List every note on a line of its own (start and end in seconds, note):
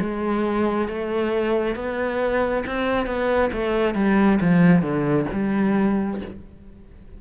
0.00 0.88 G#3
0.88 1.75 A3
1.75 2.64 B3
2.66 3.06 C4
3.06 3.50 B3
3.53 3.95 A3
3.95 4.39 G3
4.41 4.82 F3
4.82 5.26 D3
5.33 6.21 G3